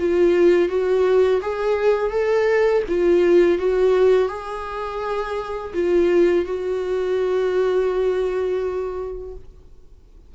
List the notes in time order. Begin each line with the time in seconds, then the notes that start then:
0.00 F4
0.69 F#4
1.42 G#4
2.11 A4
2.89 F4
3.59 F#4
4.29 G#4
5.74 F4
6.46 F#4